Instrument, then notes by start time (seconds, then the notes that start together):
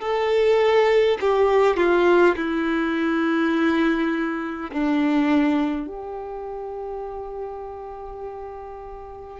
violin
0.00 A4
1.20 G4
1.76 F4
2.35 E4
4.71 D4
5.87 G4